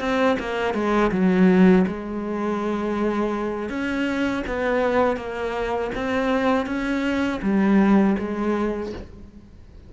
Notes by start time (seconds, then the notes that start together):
0.00 C4
0.40 A#3
0.74 G#3
1.12 F#3
1.88 G#3
3.70 C#4
4.47 B3
5.17 A#3
5.95 C4
6.66 C#4
7.43 G3
8.19 G#3